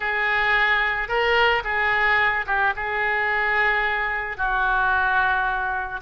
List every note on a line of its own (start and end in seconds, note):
0.00 1.08 G#4
1.08 1.62 A#4
1.64 2.45 G#4
2.46 2.73 G4
2.75 4.37 G#4
4.37 6.00 F#4